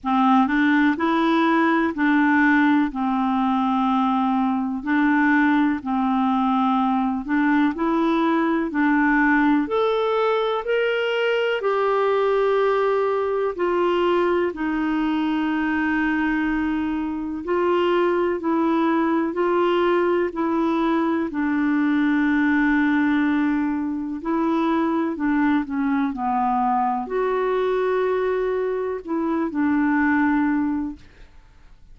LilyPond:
\new Staff \with { instrumentName = "clarinet" } { \time 4/4 \tempo 4 = 62 c'8 d'8 e'4 d'4 c'4~ | c'4 d'4 c'4. d'8 | e'4 d'4 a'4 ais'4 | g'2 f'4 dis'4~ |
dis'2 f'4 e'4 | f'4 e'4 d'2~ | d'4 e'4 d'8 cis'8 b4 | fis'2 e'8 d'4. | }